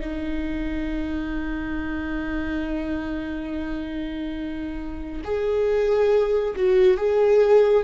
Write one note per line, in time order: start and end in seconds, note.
0.00 5.22 D#4
5.24 6.54 G#4
6.55 6.97 F#4
6.97 7.83 G#4